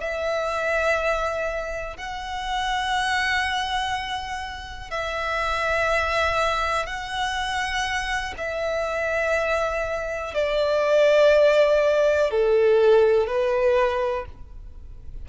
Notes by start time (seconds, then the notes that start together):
0.00 E5
1.97 F#5
4.90 E5
6.86 F#5
8.37 E5
10.34 D5
12.30 A4
13.27 B4